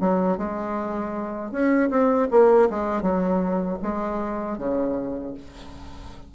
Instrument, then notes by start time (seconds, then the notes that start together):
bassoon
0.00 F#3
0.37 G#3
1.52 C#4
1.90 C4
2.31 A#3
2.70 G#3
3.02 F#3
3.82 G#3
4.58 C#3